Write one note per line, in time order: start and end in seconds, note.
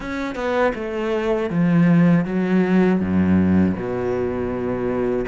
0.00 0.35 C#4
0.35 0.72 B3
0.75 1.50 A3
1.50 2.25 F3
2.25 3.00 F#3
3.00 3.75 F#2
3.75 5.25 B2